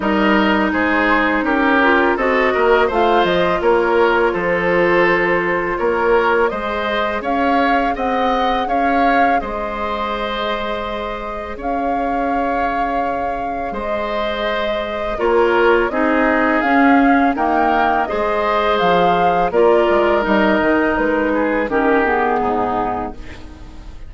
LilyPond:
<<
  \new Staff \with { instrumentName = "flute" } { \time 4/4 \tempo 4 = 83 dis''4 c''4 ais'4 dis''4 | f''8 dis''8 cis''4 c''2 | cis''4 dis''4 f''4 fis''4 | f''4 dis''2. |
f''2. dis''4~ | dis''4 cis''4 dis''4 f''4 | g''4 dis''4 f''4 d''4 | dis''4 b'4 ais'8 gis'4. | }
  \new Staff \with { instrumentName = "oboe" } { \time 4/4 ais'4 gis'4 g'4 a'8 ais'8 | c''4 ais'4 a'2 | ais'4 c''4 cis''4 dis''4 | cis''4 c''2. |
cis''2. c''4~ | c''4 ais'4 gis'2 | ais'4 c''2 ais'4~ | ais'4. gis'8 g'4 dis'4 | }
  \new Staff \with { instrumentName = "clarinet" } { \time 4/4 dis'2~ dis'8 f'8 fis'4 | f'1~ | f'4 gis'2.~ | gis'1~ |
gis'1~ | gis'4 f'4 dis'4 cis'4 | ais4 gis'2 f'4 | dis'2 cis'8 b4. | }
  \new Staff \with { instrumentName = "bassoon" } { \time 4/4 g4 gis4 cis'4 c'8 ais8 | a8 f8 ais4 f2 | ais4 gis4 cis'4 c'4 | cis'4 gis2. |
cis'2. gis4~ | gis4 ais4 c'4 cis'4 | dis'4 gis4 f4 ais8 gis8 | g8 dis8 gis4 dis4 gis,4 | }
>>